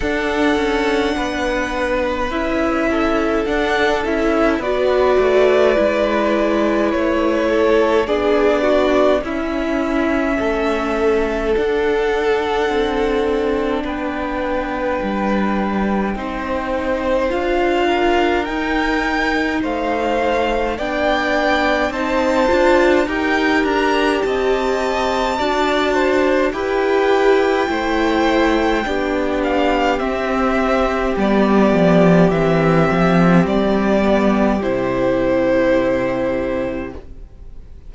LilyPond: <<
  \new Staff \with { instrumentName = "violin" } { \time 4/4 \tempo 4 = 52 fis''2 e''4 fis''8 e''8 | d''2 cis''4 d''4 | e''2 fis''2 | g''2. f''4 |
g''4 f''4 g''4 a''4 | g''8 ais''8 a''2 g''4~ | g''4. f''8 e''4 d''4 | e''4 d''4 c''2 | }
  \new Staff \with { instrumentName = "violin" } { \time 4/4 a'4 b'4. a'4. | b'2~ b'8 a'8 gis'8 fis'8 | e'4 a'2. | b'2 c''4. ais'8~ |
ais'4 c''4 d''4 c''4 | ais'4 dis''4 d''8 c''8 b'4 | c''4 g'2.~ | g'1 | }
  \new Staff \with { instrumentName = "viola" } { \time 4/4 d'2 e'4 d'8 e'8 | fis'4 e'2 d'4 | cis'2 d'2~ | d'2 dis'4 f'4 |
dis'2 d'4 dis'8 f'8 | g'2 fis'4 g'4 | e'4 d'4 c'4 b4 | c'4. b8 e'2 | }
  \new Staff \with { instrumentName = "cello" } { \time 4/4 d'8 cis'8 b4 cis'4 d'8 cis'8 | b8 a8 gis4 a4 b4 | cis'4 a4 d'4 c'4 | b4 g4 c'4 d'4 |
dis'4 a4 b4 c'8 d'8 | dis'8 d'8 c'4 d'4 e'4 | a4 b4 c'4 g8 f8 | e8 f8 g4 c2 | }
>>